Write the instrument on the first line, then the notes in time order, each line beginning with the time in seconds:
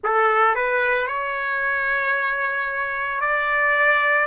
trumpet
0.03 A4
0.55 B4
1.07 C#5
3.20 D5